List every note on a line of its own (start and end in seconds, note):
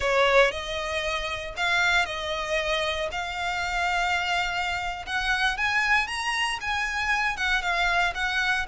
0.00 0.51 C#5
0.51 1.54 D#5
1.57 2.05 F5
2.05 3.09 D#5
3.11 5.05 F5
5.06 5.57 F#5
5.57 6.07 G#5
6.07 6.59 A#5
6.60 7.37 G#5
7.37 7.62 F#5
7.62 8.13 F5
8.14 8.66 F#5